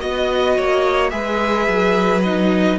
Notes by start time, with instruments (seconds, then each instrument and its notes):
0.00 cello B3, viola F#4, violin D#5
0.56 cello A#3, violin C#5
1.10 cello G#3, viola G#4, violin B4 E5
1.68 cello F#3
2.23 viola D#4, violin D#5